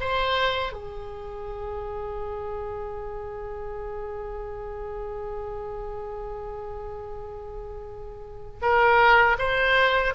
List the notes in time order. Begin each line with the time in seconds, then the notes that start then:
0.00 C5
0.73 G#4
8.61 A#4
9.39 C5